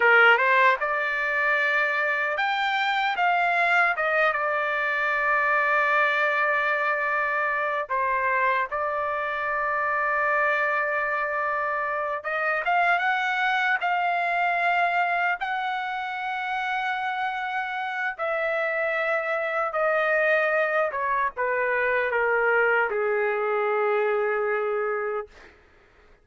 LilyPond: \new Staff \with { instrumentName = "trumpet" } { \time 4/4 \tempo 4 = 76 ais'8 c''8 d''2 g''4 | f''4 dis''8 d''2~ d''8~ | d''2 c''4 d''4~ | d''2.~ d''8 dis''8 |
f''8 fis''4 f''2 fis''8~ | fis''2. e''4~ | e''4 dis''4. cis''8 b'4 | ais'4 gis'2. | }